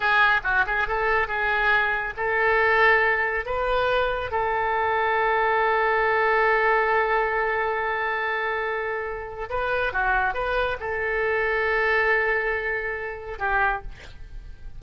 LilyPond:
\new Staff \with { instrumentName = "oboe" } { \time 4/4 \tempo 4 = 139 gis'4 fis'8 gis'8 a'4 gis'4~ | gis'4 a'2. | b'2 a'2~ | a'1~ |
a'1~ | a'2 b'4 fis'4 | b'4 a'2.~ | a'2. g'4 | }